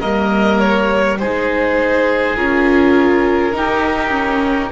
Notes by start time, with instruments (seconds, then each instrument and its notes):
0.00 double bass G3, viola A#3, oboe A#4, violin D#5
0.59 violin C#5
1.19 double bass G#3, viola D#4, oboe G#4, violin C5
2.36 double bass C#4, viola F4, violin A#4
3.53 viola D#4, double bass D#4, oboe G4
4.10 viola C#4